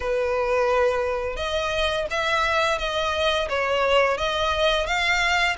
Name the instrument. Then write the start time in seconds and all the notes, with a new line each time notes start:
violin
0.00 B4
1.36 D#5
2.10 E5
2.78 D#5
3.49 C#5
4.17 D#5
4.86 F5